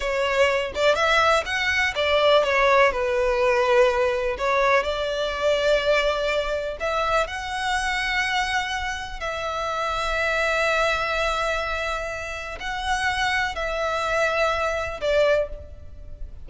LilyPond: \new Staff \with { instrumentName = "violin" } { \time 4/4 \tempo 4 = 124 cis''4. d''8 e''4 fis''4 | d''4 cis''4 b'2~ | b'4 cis''4 d''2~ | d''2 e''4 fis''4~ |
fis''2. e''4~ | e''1~ | e''2 fis''2 | e''2. d''4 | }